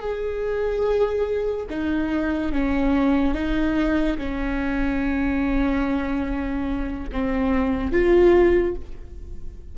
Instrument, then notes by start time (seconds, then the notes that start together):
viola
0.00 G#4
1.70 D#4
2.53 C#4
3.35 D#4
4.18 C#4
7.12 C4
7.92 F4